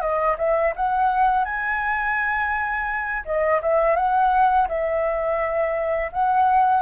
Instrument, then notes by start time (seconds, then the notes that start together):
flute
0.00 D#5
0.37 E5
0.76 F#5
1.44 G#5
3.25 D#5
3.61 E5
3.96 F#5
4.68 E5
6.11 F#5